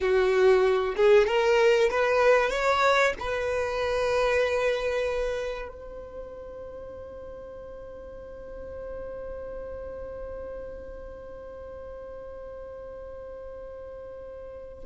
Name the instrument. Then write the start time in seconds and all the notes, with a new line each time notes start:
violin
0.00 F#4
0.96 G#4
1.26 A#4
1.90 B4
2.49 C#5
3.19 B4
5.68 C5